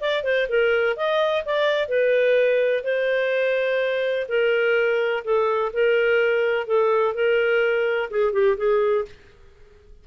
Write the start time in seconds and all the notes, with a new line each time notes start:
0.00 D5
0.23 C5
0.48 A#4
0.96 D#5
1.45 D5
1.88 B4
2.84 C5
4.28 A#4
5.24 A4
5.73 A#4
6.66 A4
7.14 A#4
8.10 G#4
8.33 G4
8.57 G#4